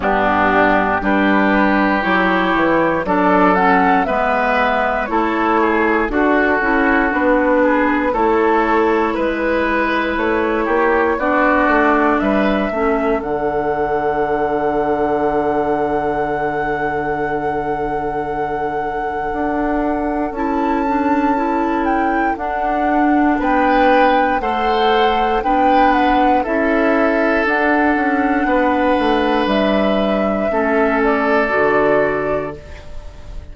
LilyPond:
<<
  \new Staff \with { instrumentName = "flute" } { \time 4/4 \tempo 4 = 59 g'4 b'4 cis''4 d''8 fis''8 | e''4 cis''4 a'4 b'4 | cis''4 b'4 cis''4 d''4 | e''4 fis''2.~ |
fis''1 | a''4. g''8 fis''4 g''4 | fis''4 g''8 fis''8 e''4 fis''4~ | fis''4 e''4. d''4. | }
  \new Staff \with { instrumentName = "oboe" } { \time 4/4 d'4 g'2 a'4 | b'4 a'8 gis'8 fis'4. gis'8 | a'4 b'4. g'8 fis'4 | b'8 a'2.~ a'8~ |
a'1~ | a'2. b'4 | c''4 b'4 a'2 | b'2 a'2 | }
  \new Staff \with { instrumentName = "clarinet" } { \time 4/4 b4 d'4 e'4 d'8 cis'8 | b4 e'4 fis'8 e'8 d'4 | e'2. d'4~ | d'8 cis'8 d'2.~ |
d'1 | e'8 d'8 e'4 d'2 | a'4 d'4 e'4 d'4~ | d'2 cis'4 fis'4 | }
  \new Staff \with { instrumentName = "bassoon" } { \time 4/4 g,4 g4 fis8 e8 fis4 | gis4 a4 d'8 cis'8 b4 | a4 gis4 a8 ais8 b8 a8 | g8 a8 d2.~ |
d2. d'4 | cis'2 d'4 b4 | a4 b4 cis'4 d'8 cis'8 | b8 a8 g4 a4 d4 | }
>>